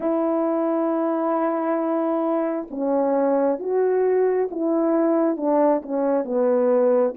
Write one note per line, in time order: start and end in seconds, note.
0.00 2.67 E4
2.70 3.59 C#4
3.59 4.48 F#4
4.51 5.36 E4
5.36 5.81 D4
5.82 6.24 C#4
6.24 7.14 B3